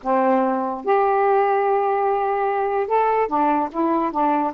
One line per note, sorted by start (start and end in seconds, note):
0.02 0.85 C4
0.85 2.87 G4
2.87 3.28 A4
3.28 3.69 D4
3.71 4.11 E4
4.11 4.52 D4